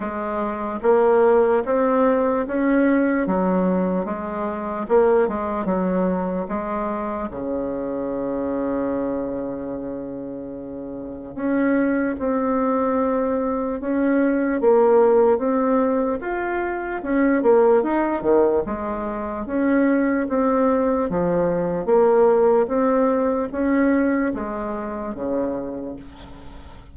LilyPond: \new Staff \with { instrumentName = "bassoon" } { \time 4/4 \tempo 4 = 74 gis4 ais4 c'4 cis'4 | fis4 gis4 ais8 gis8 fis4 | gis4 cis2.~ | cis2 cis'4 c'4~ |
c'4 cis'4 ais4 c'4 | f'4 cis'8 ais8 dis'8 dis8 gis4 | cis'4 c'4 f4 ais4 | c'4 cis'4 gis4 cis4 | }